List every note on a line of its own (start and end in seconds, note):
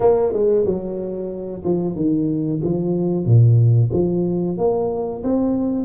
0.00 0.32 A#3
0.32 0.65 G#3
0.65 1.62 F#3
1.64 1.95 F3
1.95 2.61 D#3
2.63 3.25 F3
3.25 3.90 A#2
3.92 4.57 F3
4.57 5.23 A#3
5.23 5.85 C4